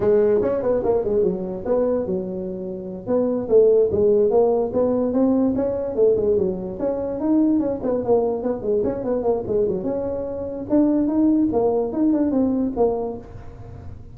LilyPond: \new Staff \with { instrumentName = "tuba" } { \time 4/4 \tempo 4 = 146 gis4 cis'8 b8 ais8 gis8 fis4 | b4 fis2~ fis8 b8~ | b8 a4 gis4 ais4 b8~ | b8 c'4 cis'4 a8 gis8 fis8~ |
fis8 cis'4 dis'4 cis'8 b8 ais8~ | ais8 b8 gis8 cis'8 b8 ais8 gis8 fis8 | cis'2 d'4 dis'4 | ais4 dis'8 d'8 c'4 ais4 | }